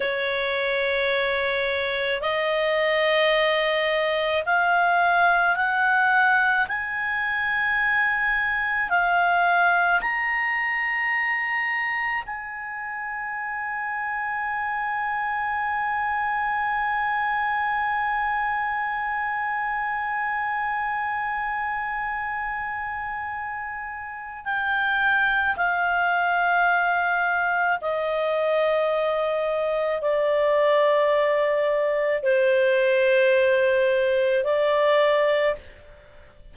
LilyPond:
\new Staff \with { instrumentName = "clarinet" } { \time 4/4 \tempo 4 = 54 cis''2 dis''2 | f''4 fis''4 gis''2 | f''4 ais''2 gis''4~ | gis''1~ |
gis''1~ | gis''2 g''4 f''4~ | f''4 dis''2 d''4~ | d''4 c''2 d''4 | }